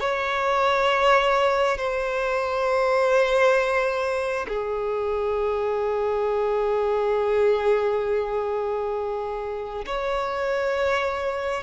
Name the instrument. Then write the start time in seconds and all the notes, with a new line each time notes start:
violin
0.00 C#5
1.77 C5
4.48 G#4
9.85 C#5